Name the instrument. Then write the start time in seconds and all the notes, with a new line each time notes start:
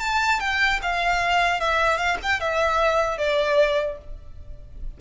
violin
0.00 A5
0.40 G5
0.82 F5
1.61 E5
1.97 F5
2.23 G5
2.41 E5
3.18 D5